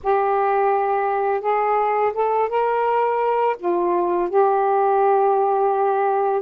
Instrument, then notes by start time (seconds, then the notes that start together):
saxophone
0.03 G4
1.41 G#4
2.13 A4
2.49 A#4
3.58 F4
4.29 G4